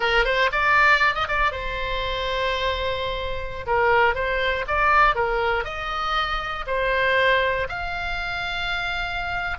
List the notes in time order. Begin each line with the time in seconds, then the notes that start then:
0.00 A#4
0.24 C5
0.52 D5
1.14 D#5
1.28 D5
1.51 C5
3.66 A#4
4.14 C5
4.67 D5
5.15 A#4
5.64 D#5
6.66 C5
7.69 F5